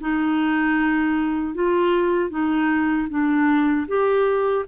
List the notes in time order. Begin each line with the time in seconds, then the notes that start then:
0.00 D#4
1.54 F4
2.30 D#4
3.09 D4
3.87 G4